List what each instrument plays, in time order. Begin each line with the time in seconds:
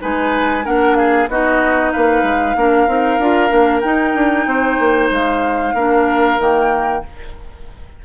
0.00 bassoon G#3, clarinet D#4, oboe B4, flute G#5
0.65 bassoon A#3, clarinet D4, oboe A#4, flute F#5
0.96 oboe G#4, flute F5
1.29 bassoon B3, clarinet D#4, oboe F#4, flute D#5
1.93 bassoon A#3, oboe B4, flute F5
2.23 bassoon G#3
2.57 bassoon A#3, clarinet D4, oboe A#4
2.88 bassoon C4, clarinet D#4
3.19 bassoon D4, clarinet F4
3.49 bassoon A#3, clarinet D4
3.81 bassoon D#4, clarinet D#4, flute G5
4.15 bassoon D4
4.47 bassoon C4, oboe C5
4.80 bassoon A#3
5.11 bassoon G#3, flute F5
5.74 bassoon A#3, clarinet D4, oboe A#4
6.39 bassoon D#3, clarinet A#3, flute G5